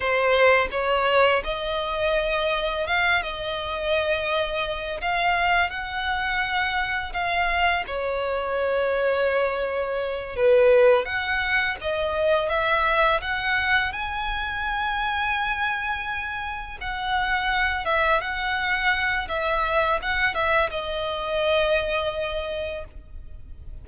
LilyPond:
\new Staff \with { instrumentName = "violin" } { \time 4/4 \tempo 4 = 84 c''4 cis''4 dis''2 | f''8 dis''2~ dis''8 f''4 | fis''2 f''4 cis''4~ | cis''2~ cis''8 b'4 fis''8~ |
fis''8 dis''4 e''4 fis''4 gis''8~ | gis''2.~ gis''8 fis''8~ | fis''4 e''8 fis''4. e''4 | fis''8 e''8 dis''2. | }